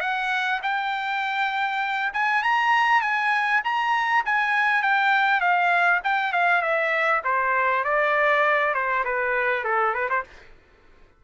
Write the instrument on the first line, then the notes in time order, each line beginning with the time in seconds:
trumpet
0.00 F#5
0.62 G5
2.13 G#5
2.43 A#5
3.01 G#5
3.64 A#5
4.25 G#5
4.82 G5
5.40 F5
6.04 G5
6.32 F5
6.61 E5
7.24 C5
7.84 D5
8.74 C5
9.04 B4
9.64 A4
9.94 B4
10.09 C5